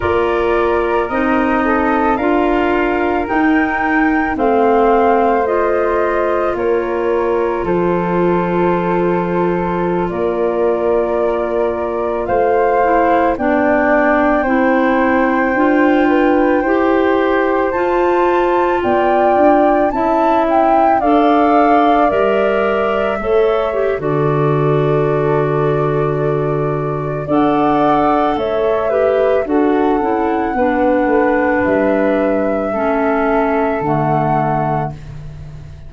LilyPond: <<
  \new Staff \with { instrumentName = "flute" } { \time 4/4 \tempo 4 = 55 d''4 dis''4 f''4 g''4 | f''4 dis''4 cis''4 c''4~ | c''4~ c''16 d''2 f''8.~ | f''16 g''2.~ g''8.~ |
g''16 a''4 g''4 a''8 g''8 f''8.~ | f''16 e''4.~ e''16 d''2~ | d''4 fis''4 e''4 fis''4~ | fis''4 e''2 fis''4 | }
  \new Staff \with { instrumentName = "flute" } { \time 4/4 ais'4. a'8 ais'2 | c''2 ais'4 a'4~ | a'4~ a'16 ais'2 c''8.~ | c''16 d''4 c''4. b'8 c''8.~ |
c''4~ c''16 d''4 e''4 d''8.~ | d''4~ d''16 cis''8. a'2~ | a'4 d''4 cis''8 b'8 a'4 | b'2 a'2 | }
  \new Staff \with { instrumentName = "clarinet" } { \time 4/4 f'4 dis'4 f'4 dis'4 | c'4 f'2.~ | f'2.~ f'8. e'16~ | e'16 d'4 e'4 f'4 g'8.~ |
g'16 f'2 e'4 a'8.~ | a'16 ais'4 a'8 g'16 fis'2~ | fis'4 a'4. g'8 fis'8 e'8 | d'2 cis'4 a4 | }
  \new Staff \with { instrumentName = "tuba" } { \time 4/4 ais4 c'4 d'4 dis'4 | a2 ais4 f4~ | f4~ f16 ais2 a8.~ | a16 b4 c'4 d'4 e'8.~ |
e'16 f'4 b8 d'8 cis'4 d'8.~ | d'16 g4 a8. d2~ | d4 d'4 a4 d'8 cis'8 | b8 a8 g4 a4 d4 | }
>>